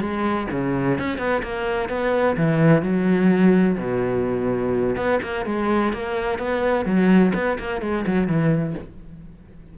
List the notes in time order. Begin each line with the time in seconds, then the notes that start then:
0.00 G#3
0.51 C#3
0.99 C#4
1.18 B3
1.43 A#3
1.89 B3
2.37 E3
2.82 F#3
3.78 B2
4.96 B3
5.23 A#3
5.45 G#3
5.93 A#3
6.38 B3
6.85 F#3
7.34 B3
7.59 A#3
7.81 G#3
8.07 F#3
8.27 E3